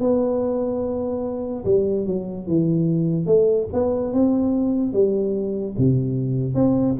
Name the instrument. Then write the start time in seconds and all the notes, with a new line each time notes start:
tuba
0.00 B3
1.65 G3
2.06 F#3
2.47 E3
3.26 A3
3.73 B3
4.13 C4
4.93 G3
5.78 C3
6.54 C4